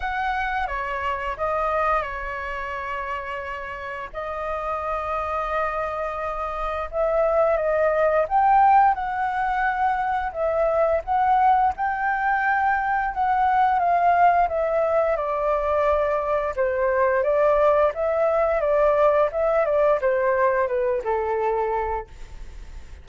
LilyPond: \new Staff \with { instrumentName = "flute" } { \time 4/4 \tempo 4 = 87 fis''4 cis''4 dis''4 cis''4~ | cis''2 dis''2~ | dis''2 e''4 dis''4 | g''4 fis''2 e''4 |
fis''4 g''2 fis''4 | f''4 e''4 d''2 | c''4 d''4 e''4 d''4 | e''8 d''8 c''4 b'8 a'4. | }